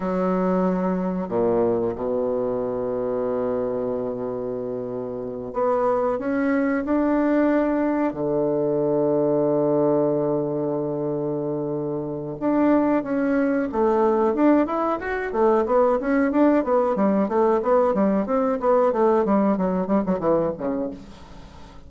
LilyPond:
\new Staff \with { instrumentName = "bassoon" } { \time 4/4 \tempo 4 = 92 fis2 ais,4 b,4~ | b,1~ | b,8 b4 cis'4 d'4.~ | d'8 d2.~ d8~ |
d2. d'4 | cis'4 a4 d'8 e'8 fis'8 a8 | b8 cis'8 d'8 b8 g8 a8 b8 g8 | c'8 b8 a8 g8 fis8 g16 fis16 e8 cis8 | }